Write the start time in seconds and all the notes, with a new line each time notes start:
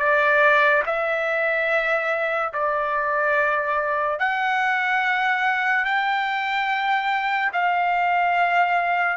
0.00 D5
0.86 E5
2.54 D5
4.20 F#5
5.86 G5
7.53 F5